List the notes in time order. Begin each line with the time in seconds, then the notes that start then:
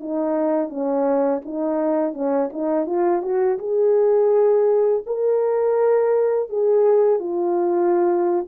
0.00 D#4
0.69 C#4
1.45 D#4
2.14 C#4
2.53 D#4
2.86 F4
3.22 F#4
3.59 G#4
5.06 A#4
6.49 G#4
7.19 F4